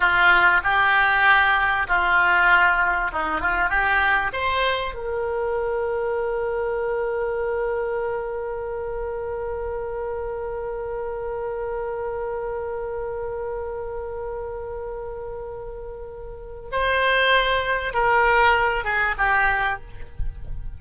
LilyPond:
\new Staff \with { instrumentName = "oboe" } { \time 4/4 \tempo 4 = 97 f'4 g'2 f'4~ | f'4 dis'8 f'8 g'4 c''4 | ais'1~ | ais'1~ |
ais'1~ | ais'1~ | ais'2. c''4~ | c''4 ais'4. gis'8 g'4 | }